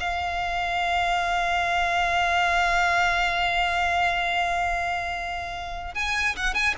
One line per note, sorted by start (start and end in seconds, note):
0.00 5.95 F5
5.95 6.36 G#5
6.37 6.55 F#5
6.55 6.75 G#5